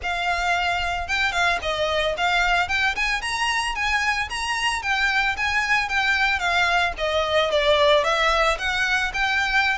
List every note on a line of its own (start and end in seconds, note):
0.02 1.08 F5
1.08 1.31 G5
1.31 1.58 F5
1.61 2.15 D#5
2.17 2.68 F5
2.68 2.95 G5
2.95 3.21 G#5
3.21 3.75 A#5
3.75 4.28 G#5
4.29 4.82 A#5
4.82 5.36 G5
5.36 5.88 G#5
5.88 6.39 G5
6.39 6.93 F5
6.97 7.50 D#5
7.50 8.04 D5
8.04 8.57 E5
8.58 9.12 F#5
9.13 9.78 G5